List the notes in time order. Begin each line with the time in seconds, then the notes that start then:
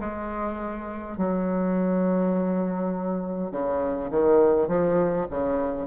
0.00 G#3
1.18 F#3
3.52 C#3
4.11 D#3
4.68 F3
5.31 C#3